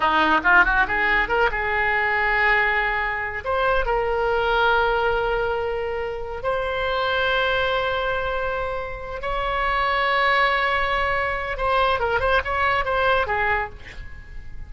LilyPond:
\new Staff \with { instrumentName = "oboe" } { \time 4/4 \tempo 4 = 140 dis'4 f'8 fis'8 gis'4 ais'8 gis'8~ | gis'1 | c''4 ais'2.~ | ais'2. c''4~ |
c''1~ | c''4. cis''2~ cis''8~ | cis''2. c''4 | ais'8 c''8 cis''4 c''4 gis'4 | }